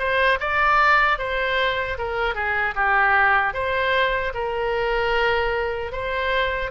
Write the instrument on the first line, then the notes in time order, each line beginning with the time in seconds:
oboe
0.00 C5
0.41 D5
1.19 C5
1.98 A#4
2.35 G#4
2.76 G4
3.54 C5
4.34 A#4
5.92 C5